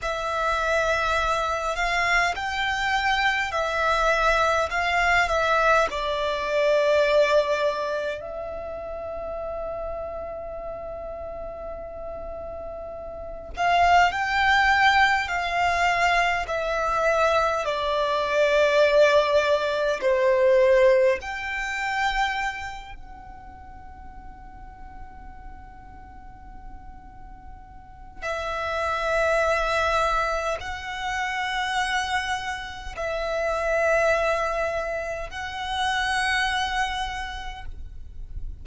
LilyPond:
\new Staff \with { instrumentName = "violin" } { \time 4/4 \tempo 4 = 51 e''4. f''8 g''4 e''4 | f''8 e''8 d''2 e''4~ | e''2.~ e''8 f''8 | g''4 f''4 e''4 d''4~ |
d''4 c''4 g''4. fis''8~ | fis''1 | e''2 fis''2 | e''2 fis''2 | }